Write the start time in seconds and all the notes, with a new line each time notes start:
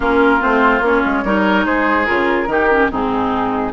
0.00 A#3 C#4 F4 A#4
0.39 A3 C4 C5
0.81 A#3 C#4 C#5
1.05 G#3
1.24 G3 D#4 A#4
1.65 G#3 G#4 C5
2.05 C#3 F4 A#4
2.47 D#3 D#4 G4
2.70 C#4
2.90 G#2 C4 D#4 G#4